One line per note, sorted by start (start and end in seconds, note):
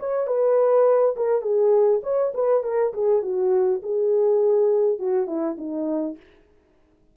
0.00 0.27 C#5
0.27 1.16 B4
1.16 1.42 A#4
1.42 2.01 G#4
2.03 2.33 C#5
2.34 2.64 B4
2.64 2.93 A#4
2.94 3.22 G#4
3.22 3.81 F#4
3.83 4.99 G#4
4.99 5.28 F#4
5.28 5.57 E4
5.58 6.17 D#4